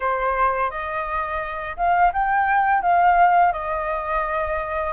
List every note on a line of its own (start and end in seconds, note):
0.00 0.70 C5
0.70 1.76 D#5
1.76 2.12 F5
2.12 2.82 G5
2.82 3.52 F5
3.52 4.93 D#5